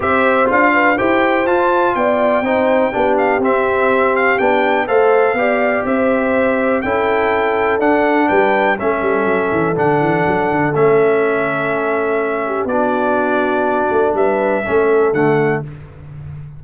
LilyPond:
<<
  \new Staff \with { instrumentName = "trumpet" } { \time 4/4 \tempo 4 = 123 e''4 f''4 g''4 a''4 | g''2~ g''8 f''8 e''4~ | e''8 f''8 g''4 f''2 | e''2 g''2 |
fis''4 g''4 e''2 | fis''2 e''2~ | e''2 d''2~ | d''4 e''2 fis''4 | }
  \new Staff \with { instrumentName = "horn" } { \time 4/4 c''4. b'8 c''2 | d''4 c''4 g'2~ | g'2 c''4 d''4 | c''2 a'2~ |
a'4 b'4 a'2~ | a'1~ | a'4. g'8 fis'2~ | fis'4 b'4 a'2 | }
  \new Staff \with { instrumentName = "trombone" } { \time 4/4 g'4 f'4 g'4 f'4~ | f'4 dis'4 d'4 c'4~ | c'4 d'4 a'4 g'4~ | g'2 e'2 |
d'2 cis'2 | d'2 cis'2~ | cis'2 d'2~ | d'2 cis'4 a4 | }
  \new Staff \with { instrumentName = "tuba" } { \time 4/4 c'4 d'4 e'4 f'4 | b4 c'4 b4 c'4~ | c'4 b4 a4 b4 | c'2 cis'2 |
d'4 g4 a8 g8 fis8 e8 | d8 e8 fis8 d8 a2~ | a2 b2~ | b8 a8 g4 a4 d4 | }
>>